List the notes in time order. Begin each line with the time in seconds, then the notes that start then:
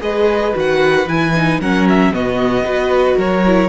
0.00 G#3 G#4 B4 D#5
0.53 D#3 F#4 F#5
1.06 E3 E4 G#5
1.35 D#4
1.60 F#3 C#4 A#4 F#5
1.89 E5
2.11 B2 B3 F#4 D#5
2.62 B3 F#4 B4
3.17 F#3 A#4 C#5
3.46 E4